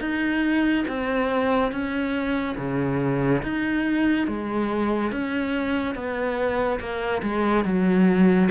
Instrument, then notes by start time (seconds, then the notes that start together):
cello
0.00 D#4
0.88 C4
1.71 C#4
2.57 C#3
3.42 D#4
4.27 G#3
5.11 C#4
5.95 B3
6.79 A#3
7.22 G#3
7.64 F#3